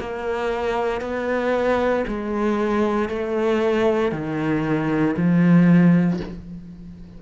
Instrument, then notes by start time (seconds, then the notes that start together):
cello
0.00 A#3
1.02 B3
2.08 G#3
3.10 A3
4.12 D#3
5.17 F3